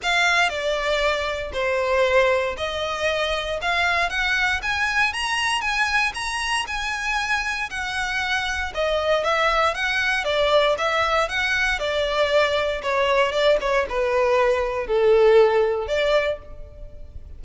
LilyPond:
\new Staff \with { instrumentName = "violin" } { \time 4/4 \tempo 4 = 117 f''4 d''2 c''4~ | c''4 dis''2 f''4 | fis''4 gis''4 ais''4 gis''4 | ais''4 gis''2 fis''4~ |
fis''4 dis''4 e''4 fis''4 | d''4 e''4 fis''4 d''4~ | d''4 cis''4 d''8 cis''8 b'4~ | b'4 a'2 d''4 | }